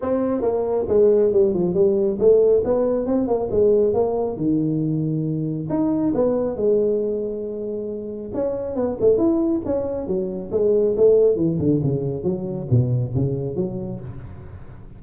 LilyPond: \new Staff \with { instrumentName = "tuba" } { \time 4/4 \tempo 4 = 137 c'4 ais4 gis4 g8 f8 | g4 a4 b4 c'8 ais8 | gis4 ais4 dis2~ | dis4 dis'4 b4 gis4~ |
gis2. cis'4 | b8 a8 e'4 cis'4 fis4 | gis4 a4 e8 d8 cis4 | fis4 b,4 cis4 fis4 | }